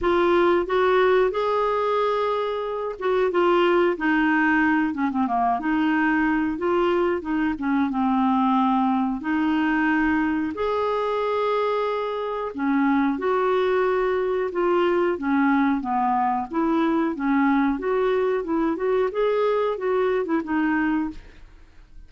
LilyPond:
\new Staff \with { instrumentName = "clarinet" } { \time 4/4 \tempo 4 = 91 f'4 fis'4 gis'2~ | gis'8 fis'8 f'4 dis'4. cis'16 c'16 | ais8 dis'4. f'4 dis'8 cis'8 | c'2 dis'2 |
gis'2. cis'4 | fis'2 f'4 cis'4 | b4 e'4 cis'4 fis'4 | e'8 fis'8 gis'4 fis'8. e'16 dis'4 | }